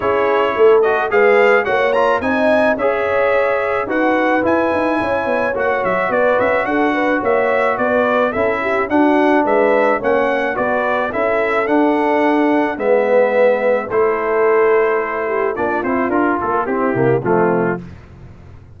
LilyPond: <<
  \new Staff \with { instrumentName = "trumpet" } { \time 4/4 \tempo 4 = 108 cis''4. dis''8 f''4 fis''8 ais''8 | gis''4 e''2 fis''4 | gis''2 fis''8 e''8 d''8 e''8 | fis''4 e''4 d''4 e''4 |
fis''4 e''4 fis''4 d''4 | e''4 fis''2 e''4~ | e''4 c''2. | d''8 c''8 ais'8 a'8 g'4 f'4 | }
  \new Staff \with { instrumentName = "horn" } { \time 4/4 gis'4 a'4 b'4 cis''4 | dis''4 cis''2 b'4~ | b'4 cis''2 b'4 | a'8 b'8 cis''4 b'4 a'8 g'8 |
fis'4 b'4 cis''4 b'4 | a'2. b'4~ | b'4 a'2~ a'8 g'8 | f'2 e'4 c'4 | }
  \new Staff \with { instrumentName = "trombone" } { \time 4/4 e'4. fis'8 gis'4 fis'8 f'8 | dis'4 gis'2 fis'4 | e'2 fis'2~ | fis'2. e'4 |
d'2 cis'4 fis'4 | e'4 d'2 b4~ | b4 e'2. | d'8 e'8 f'4 c'8 ais8 a4 | }
  \new Staff \with { instrumentName = "tuba" } { \time 4/4 cis'4 a4 gis4 ais4 | c'4 cis'2 dis'4 | e'8 dis'8 cis'8 b8 ais8 fis8 b8 cis'8 | d'4 ais4 b4 cis'4 |
d'4 gis4 ais4 b4 | cis'4 d'2 gis4~ | gis4 a2. | ais8 c'8 d'8 ais8 c'8 c8 f4 | }
>>